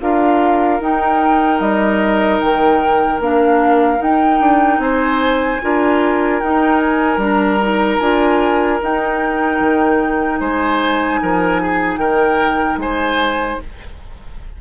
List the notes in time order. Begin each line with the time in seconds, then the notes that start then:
0.00 D4 F4 A#4 F5
0.80 D#4 G5
1.60 G3 D#5
2.40 D#3 G5
3.19 A#3 D4 F5
3.98 D#4 G5
4.40 D4
4.78 C4 C5 G#5
5.61 D4 F4 A#4
6.40 D#4 G5
6.78 G#5
7.16 G3 D4 A#5
7.60 D#4
7.99 D4 F4 G#5
8.80 D#4 G5
9.60 D#3
10.39 G#3 C5 G#5
11.21 F3 A#4
11.62 G#4
11.97 D#3 A#4 G5
12.77 G#3 C5 G#5